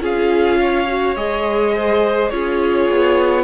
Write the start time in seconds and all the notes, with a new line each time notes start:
0.00 C#4 F4 G#4 F5
0.60 C#5
0.87 F#4
1.16 G#3 G#4 D#5
1.74 C5
2.29 C#4 F4 G#4 C#5
2.90 B3